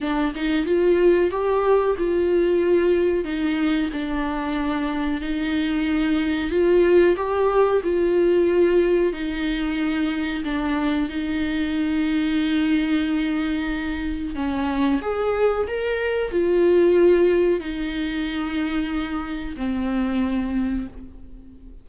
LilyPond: \new Staff \with { instrumentName = "viola" } { \time 4/4 \tempo 4 = 92 d'8 dis'8 f'4 g'4 f'4~ | f'4 dis'4 d'2 | dis'2 f'4 g'4 | f'2 dis'2 |
d'4 dis'2.~ | dis'2 cis'4 gis'4 | ais'4 f'2 dis'4~ | dis'2 c'2 | }